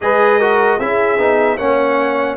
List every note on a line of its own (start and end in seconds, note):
0.01 0.78 G#3
0.01 0.40 G#4
0.01 0.38 B4
0.01 0.79 D#5
0.38 0.79 F#4
0.38 0.78 A#4
0.78 1.18 C#4
0.78 1.18 E4
0.78 1.57 G#4
0.78 1.57 E5
1.18 1.57 B3
1.18 1.58 D#4
1.57 2.36 A#3
1.57 2.36 C#4
1.57 2.36 C#5
1.57 2.36 F#5